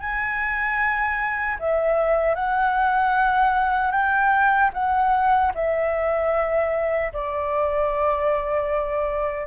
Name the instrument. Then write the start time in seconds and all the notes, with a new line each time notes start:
flute
0.00 G#5
1.60 E5
2.35 F#5
3.92 G5
4.74 F#5
5.55 E5
7.13 D5